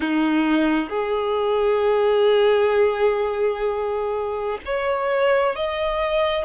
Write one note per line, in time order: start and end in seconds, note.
0.00 0.89 D#4
0.89 4.59 G#4
4.65 5.56 C#5
5.56 6.45 D#5